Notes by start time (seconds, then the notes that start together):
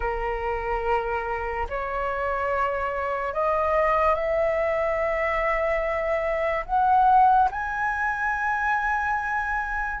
0.00 A#4
1.69 C#5
3.33 D#5
4.14 E5
6.65 F#5
7.51 G#5